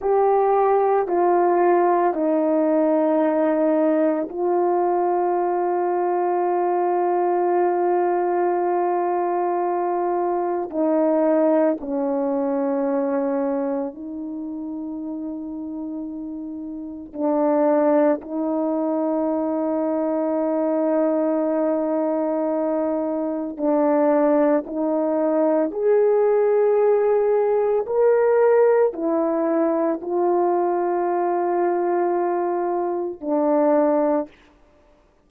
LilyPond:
\new Staff \with { instrumentName = "horn" } { \time 4/4 \tempo 4 = 56 g'4 f'4 dis'2 | f'1~ | f'2 dis'4 cis'4~ | cis'4 dis'2. |
d'4 dis'2.~ | dis'2 d'4 dis'4 | gis'2 ais'4 e'4 | f'2. d'4 | }